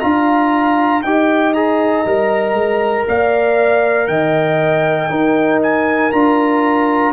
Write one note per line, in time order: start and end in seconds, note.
0.00 1.03 D4
0.00 1.03 F4
0.00 1.04 F5
0.00 1.02 A#5
1.02 2.05 D#4
1.02 1.55 G4
1.02 3.08 D#5
1.02 1.53 G5
1.54 2.06 G#4
1.54 3.06 A#5
2.06 2.53 G3
2.06 5.10 A#4
2.53 3.04 G#3
3.08 4.08 A#3
3.08 4.10 D5
3.08 4.07 F5
4.07 5.10 D#3
4.07 5.11 D#5
4.07 5.60 G5
5.10 6.11 D#4
5.10 6.12 D#4
5.10 7.13 A#4
5.62 6.12 G#5
6.12 7.13 D4
6.12 7.13 F4
6.12 7.13 A#5